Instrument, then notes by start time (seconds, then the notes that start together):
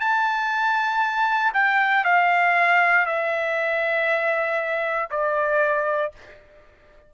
trumpet
0.00 A5
1.53 G5
2.04 F5
3.06 E5
5.10 D5